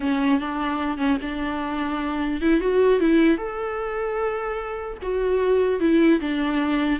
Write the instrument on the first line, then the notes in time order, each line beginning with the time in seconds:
viola
0.00 C#4
0.40 D4
0.97 C#4
1.21 D4
2.41 E4
2.60 F#4
3.00 E4
3.37 A4
5.02 F#4
5.80 E4
6.20 D4